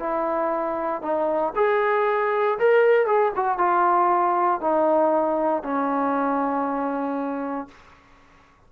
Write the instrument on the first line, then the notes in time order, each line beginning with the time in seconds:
trombone
0.00 E4
1.02 D#4
1.56 G#4
2.59 A#4
3.07 G#4
3.36 F#4
3.58 F4
4.61 D#4
5.63 C#4